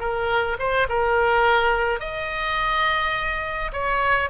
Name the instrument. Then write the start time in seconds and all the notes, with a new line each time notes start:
oboe
0.00 A#4
0.59 C5
0.89 A#4
2.00 D#5
3.73 C#5